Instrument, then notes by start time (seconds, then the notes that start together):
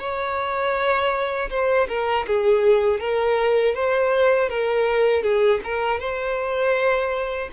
violin
0.00 C#5
1.50 C5
1.89 A#4
2.28 G#4
3.00 A#4
3.75 C5
4.49 A#4
5.23 G#4
5.64 A#4
6.00 C5